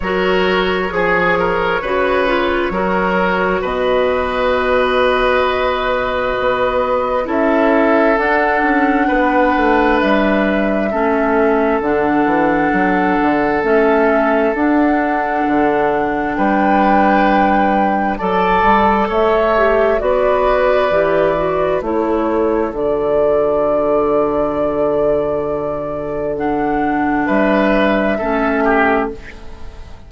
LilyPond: <<
  \new Staff \with { instrumentName = "flute" } { \time 4/4 \tempo 4 = 66 cis''1 | dis''1 | e''4 fis''2 e''4~ | e''4 fis''2 e''4 |
fis''2 g''2 | a''4 e''4 d''2 | cis''4 d''2.~ | d''4 fis''4 e''2 | }
  \new Staff \with { instrumentName = "oboe" } { \time 4/4 ais'4 gis'8 ais'8 b'4 ais'4 | b'1 | a'2 b'2 | a'1~ |
a'2 b'2 | d''4 cis''4 b'2 | a'1~ | a'2 b'4 a'8 g'8 | }
  \new Staff \with { instrumentName = "clarinet" } { \time 4/4 fis'4 gis'4 fis'8 f'8 fis'4~ | fis'1 | e'4 d'2. | cis'4 d'2 cis'4 |
d'1 | a'4. g'8 fis'4 g'8 fis'8 | e'4 fis'2.~ | fis'4 d'2 cis'4 | }
  \new Staff \with { instrumentName = "bassoon" } { \time 4/4 fis4 f4 cis4 fis4 | b,2. b4 | cis'4 d'8 cis'8 b8 a8 g4 | a4 d8 e8 fis8 d8 a4 |
d'4 d4 g2 | fis8 g8 a4 b4 e4 | a4 d2.~ | d2 g4 a4 | }
>>